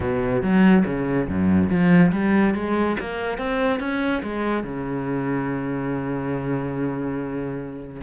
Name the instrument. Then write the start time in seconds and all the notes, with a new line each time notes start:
cello
0.00 B2
0.42 F#3
0.85 C#3
1.28 F#2
1.69 F3
2.12 G3
2.54 G#3
2.99 A#3
3.37 C4
3.79 C#4
4.23 G#3
4.63 C#3